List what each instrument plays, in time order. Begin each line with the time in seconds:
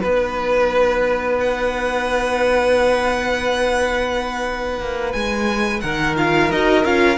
0.00 cello B3, viola D#4, violin B4
1.40 violin F#5
4.80 cello A#3
5.12 cello G#3, violin G#5
5.81 cello D#3, violin A#4 F#5
6.16 viola F4, violin F5
6.51 cello D#4, viola F#4, violin D#5
6.84 cello C#4, viola F4, violin F5